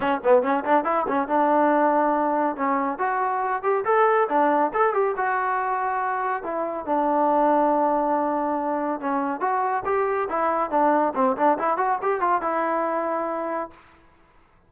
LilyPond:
\new Staff \with { instrumentName = "trombone" } { \time 4/4 \tempo 4 = 140 cis'8 b8 cis'8 d'8 e'8 cis'8 d'4~ | d'2 cis'4 fis'4~ | fis'8 g'8 a'4 d'4 a'8 g'8 | fis'2. e'4 |
d'1~ | d'4 cis'4 fis'4 g'4 | e'4 d'4 c'8 d'8 e'8 fis'8 | g'8 f'8 e'2. | }